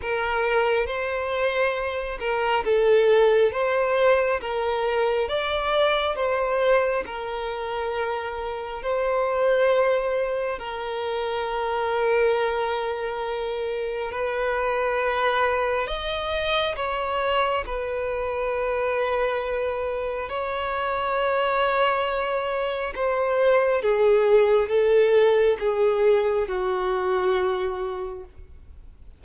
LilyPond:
\new Staff \with { instrumentName = "violin" } { \time 4/4 \tempo 4 = 68 ais'4 c''4. ais'8 a'4 | c''4 ais'4 d''4 c''4 | ais'2 c''2 | ais'1 |
b'2 dis''4 cis''4 | b'2. cis''4~ | cis''2 c''4 gis'4 | a'4 gis'4 fis'2 | }